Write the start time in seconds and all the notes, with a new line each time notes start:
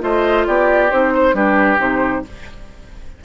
0.00 A3 F4 C5 D#5
0.46 B3 G4 D5
0.91 C4 D#4 C5
1.14 C5
1.33 G3 D4 G4 B4
1.78 C3 D#4 C5